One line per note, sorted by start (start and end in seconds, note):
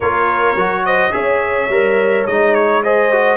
0.00 0.55 A#3
0.00 0.57 F4
0.00 0.83 A#4
0.00 0.85 C#5
0.55 1.12 F#3
0.55 1.11 F#4
0.85 1.14 C5
0.85 1.12 D#5
1.11 1.68 C#4
1.11 1.68 G#4
1.11 2.83 C#5
1.11 2.25 E5
1.68 2.25 G3
1.68 2.27 A#4
2.26 3.37 G#3
2.26 2.83 D#4
2.26 2.54 D#5
2.54 2.82 C#5
2.83 3.12 G#4
2.83 3.37 C5
2.83 3.37 D#5
3.12 3.37 F#4